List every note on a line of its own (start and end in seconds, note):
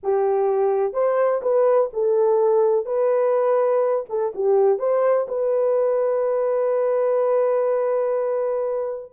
0.03 0.93 G4
0.93 1.41 C5
1.42 1.90 B4
1.93 2.85 A4
2.85 4.05 B4
4.09 4.33 A4
4.34 4.78 G4
4.78 5.26 C5
5.28 9.12 B4